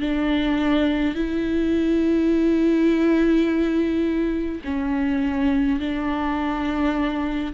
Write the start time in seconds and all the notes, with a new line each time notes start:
0.00 D4
1.15 E4
4.64 C#4
5.80 D4